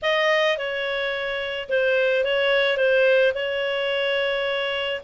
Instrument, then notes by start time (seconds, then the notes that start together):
clarinet
0.02 D#5
0.57 C#5
1.69 C5
2.24 C#5
2.77 C5
3.34 C#5